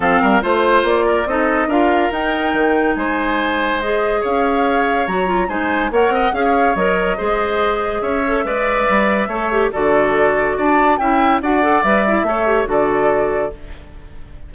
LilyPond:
<<
  \new Staff \with { instrumentName = "flute" } { \time 4/4 \tempo 4 = 142 f''4 c''4 d''4 dis''4 | f''4 g''2 gis''4~ | gis''4 dis''4 f''2 | ais''4 gis''4 fis''4 f''4 |
dis''2. e''4~ | e''2. d''4~ | d''4 a''4 g''4 fis''4 | e''2 d''2 | }
  \new Staff \with { instrumentName = "oboe" } { \time 4/4 a'8 ais'8 c''4. ais'8 a'4 | ais'2. c''4~ | c''2 cis''2~ | cis''4 c''4 cis''8 dis''8 f''16 cis''8.~ |
cis''4 c''2 cis''4 | d''2 cis''4 a'4~ | a'4 d''4 e''4 d''4~ | d''4 cis''4 a'2 | }
  \new Staff \with { instrumentName = "clarinet" } { \time 4/4 c'4 f'2 dis'4 | f'4 dis'2.~ | dis'4 gis'2. | fis'8 f'8 dis'4 ais'4 gis'4 |
ais'4 gis'2~ gis'8 a'8 | b'2 a'8 g'8 fis'4~ | fis'2 e'4 fis'8 a'8 | b'8 e'8 a'8 g'8 fis'2 | }
  \new Staff \with { instrumentName = "bassoon" } { \time 4/4 f8 g8 a4 ais4 c'4 | d'4 dis'4 dis4 gis4~ | gis2 cis'2 | fis4 gis4 ais8 c'8 cis'4 |
fis4 gis2 cis'4 | gis4 g4 a4 d4~ | d4 d'4 cis'4 d'4 | g4 a4 d2 | }
>>